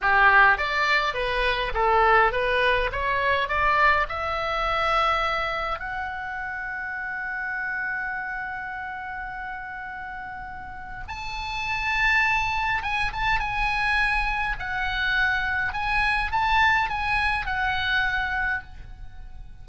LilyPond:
\new Staff \with { instrumentName = "oboe" } { \time 4/4 \tempo 4 = 103 g'4 d''4 b'4 a'4 | b'4 cis''4 d''4 e''4~ | e''2 fis''2~ | fis''1~ |
fis''2. a''4~ | a''2 gis''8 a''8 gis''4~ | gis''4 fis''2 gis''4 | a''4 gis''4 fis''2 | }